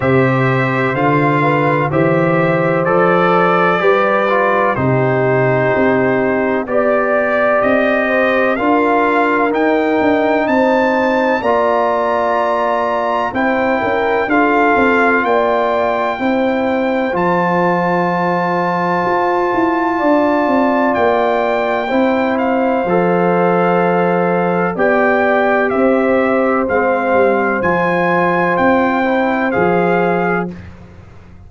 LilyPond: <<
  \new Staff \with { instrumentName = "trumpet" } { \time 4/4 \tempo 4 = 63 e''4 f''4 e''4 d''4~ | d''4 c''2 d''4 | dis''4 f''4 g''4 a''4 | ais''2 g''4 f''4 |
g''2 a''2~ | a''2 g''4. f''8~ | f''2 g''4 e''4 | f''4 gis''4 g''4 f''4 | }
  \new Staff \with { instrumentName = "horn" } { \time 4/4 c''4. b'8 c''2 | b'4 g'2 d''4~ | d''8 c''8 ais'2 c''4 | d''2 c''8 ais'8 a'4 |
d''4 c''2.~ | c''4 d''2 c''4~ | c''2 d''4 c''4~ | c''1 | }
  \new Staff \with { instrumentName = "trombone" } { \time 4/4 g'4 f'4 g'4 a'4 | g'8 f'8 dis'2 g'4~ | g'4 f'4 dis'2 | f'2 e'4 f'4~ |
f'4 e'4 f'2~ | f'2. e'4 | a'2 g'2 | c'4 f'4. e'8 gis'4 | }
  \new Staff \with { instrumentName = "tuba" } { \time 4/4 c4 d4 e4 f4 | g4 c4 c'4 b4 | c'4 d'4 dis'8 d'8 c'4 | ais2 c'8 cis'8 d'8 c'8 |
ais4 c'4 f2 | f'8 e'8 d'8 c'8 ais4 c'4 | f2 b4 c'4 | gis8 g8 f4 c'4 f4 | }
>>